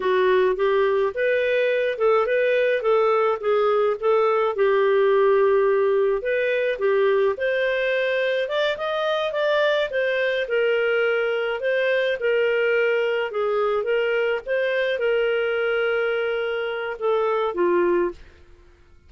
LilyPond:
\new Staff \with { instrumentName = "clarinet" } { \time 4/4 \tempo 4 = 106 fis'4 g'4 b'4. a'8 | b'4 a'4 gis'4 a'4 | g'2. b'4 | g'4 c''2 d''8 dis''8~ |
dis''8 d''4 c''4 ais'4.~ | ais'8 c''4 ais'2 gis'8~ | gis'8 ais'4 c''4 ais'4.~ | ais'2 a'4 f'4 | }